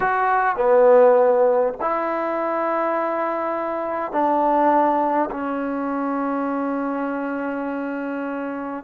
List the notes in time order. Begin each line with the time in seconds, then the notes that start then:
0.00 F#4
0.56 B3
1.80 E4
4.12 D4
5.30 C#4